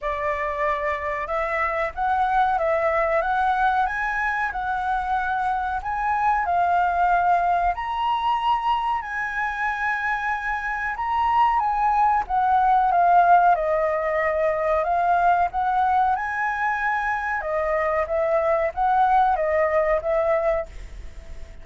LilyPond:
\new Staff \with { instrumentName = "flute" } { \time 4/4 \tempo 4 = 93 d''2 e''4 fis''4 | e''4 fis''4 gis''4 fis''4~ | fis''4 gis''4 f''2 | ais''2 gis''2~ |
gis''4 ais''4 gis''4 fis''4 | f''4 dis''2 f''4 | fis''4 gis''2 dis''4 | e''4 fis''4 dis''4 e''4 | }